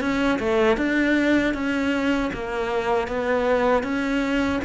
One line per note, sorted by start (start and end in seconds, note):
0.00 0.38 C#4
0.39 0.77 A3
0.77 1.54 D4
1.54 2.31 C#4
2.33 3.08 A#3
3.08 3.83 B3
3.83 4.60 C#4